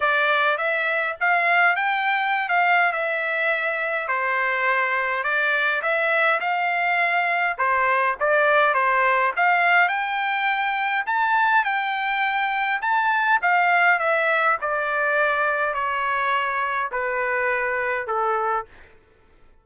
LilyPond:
\new Staff \with { instrumentName = "trumpet" } { \time 4/4 \tempo 4 = 103 d''4 e''4 f''4 g''4~ | g''16 f''8. e''2 c''4~ | c''4 d''4 e''4 f''4~ | f''4 c''4 d''4 c''4 |
f''4 g''2 a''4 | g''2 a''4 f''4 | e''4 d''2 cis''4~ | cis''4 b'2 a'4 | }